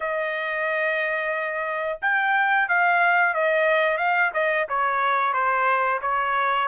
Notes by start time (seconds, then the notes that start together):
0.00 D#5
2.02 G5
2.68 F5
3.33 D#5
3.97 F5
4.33 D#5
4.68 C#5
5.33 C5
6.02 C#5